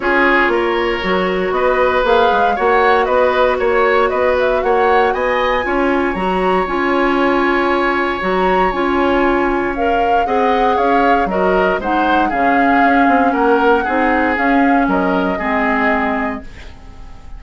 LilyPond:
<<
  \new Staff \with { instrumentName = "flute" } { \time 4/4 \tempo 4 = 117 cis''2. dis''4 | f''4 fis''4 dis''4 cis''4 | dis''8 e''8 fis''4 gis''2 | ais''4 gis''2. |
ais''4 gis''2 f''4 | fis''4 f''4 dis''4 fis''4 | f''2 fis''2 | f''4 dis''2. | }
  \new Staff \with { instrumentName = "oboe" } { \time 4/4 gis'4 ais'2 b'4~ | b'4 cis''4 b'4 cis''4 | b'4 cis''4 dis''4 cis''4~ | cis''1~ |
cis''1 | dis''4 cis''4 ais'4 c''4 | gis'2 ais'4 gis'4~ | gis'4 ais'4 gis'2 | }
  \new Staff \with { instrumentName = "clarinet" } { \time 4/4 f'2 fis'2 | gis'4 fis'2.~ | fis'2. f'4 | fis'4 f'2. |
fis'4 f'2 ais'4 | gis'2 fis'4 dis'4 | cis'2. dis'4 | cis'2 c'2 | }
  \new Staff \with { instrumentName = "bassoon" } { \time 4/4 cis'4 ais4 fis4 b4 | ais8 gis8 ais4 b4 ais4 | b4 ais4 b4 cis'4 | fis4 cis'2. |
fis4 cis'2. | c'4 cis'4 fis4 gis4 | cis4 cis'8 c'8 ais4 c'4 | cis'4 fis4 gis2 | }
>>